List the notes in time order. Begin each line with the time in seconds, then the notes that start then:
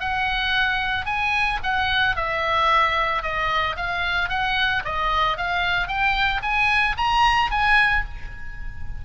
0.00 F#5
1.06 G#5
1.63 F#5
2.16 E5
3.23 D#5
3.76 F5
4.29 F#5
4.85 D#5
5.37 F5
5.88 G5
6.43 G#5
6.97 A#5
7.51 G#5